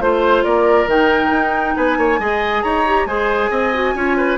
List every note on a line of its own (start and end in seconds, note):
0.00 0.44 A3
0.00 0.88 F4
0.00 0.44 C5
0.00 0.43 C5
0.43 0.86 A#3
0.43 1.75 A#4
0.43 0.87 D5
0.86 1.30 D#3
0.86 2.19 D#4
0.86 1.76 G5
1.30 1.74 D#4
1.76 1.97 B3
1.76 1.98 B4
1.76 2.62 G#5
1.97 2.19 A#3
1.97 2.20 C#5
2.19 2.63 G#3
2.19 2.84 G#4
2.19 2.63 D#5
2.62 3.06 D#4
2.62 3.07 C#5
2.62 3.06 A#5
2.86 3.08 G4
3.06 3.49 G#3
3.06 3.73 G#4
3.06 3.50 C5
3.06 4.37 G#5
3.50 3.94 C4
3.50 3.94 D#5
3.74 3.95 F#4
3.94 4.37 C#4
3.94 4.37 F4
3.94 4.17 C#5
4.17 4.37 B4